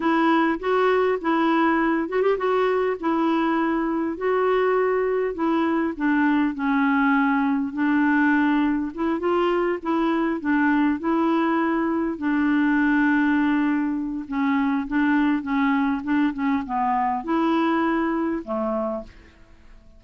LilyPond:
\new Staff \with { instrumentName = "clarinet" } { \time 4/4 \tempo 4 = 101 e'4 fis'4 e'4. fis'16 g'16 | fis'4 e'2 fis'4~ | fis'4 e'4 d'4 cis'4~ | cis'4 d'2 e'8 f'8~ |
f'8 e'4 d'4 e'4.~ | e'8 d'2.~ d'8 | cis'4 d'4 cis'4 d'8 cis'8 | b4 e'2 a4 | }